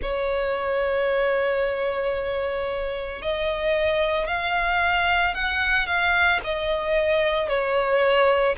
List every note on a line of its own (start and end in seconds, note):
0.02 3.21 C#5
3.21 4.27 D#5
4.27 5.34 F5
5.34 5.86 F#5
5.86 6.40 F5
6.44 7.48 D#5
7.48 8.55 C#5